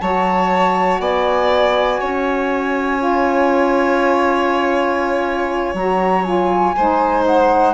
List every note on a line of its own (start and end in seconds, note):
0.00 1.00 F#3
0.00 2.99 F#4
0.00 1.01 C#5
0.00 1.00 A5
1.00 2.00 B3
1.00 2.00 D5
1.00 5.76 G#5
2.00 5.74 C#4
2.00 6.75 C#5
2.99 5.74 F4
5.74 6.74 F#3
5.74 6.25 F#4
5.74 6.24 A#5
6.24 6.75 F4
6.24 7.24 G#5
6.77 7.75 G#3
6.77 7.75 D#4
6.77 7.75 C5
7.26 7.75 F#5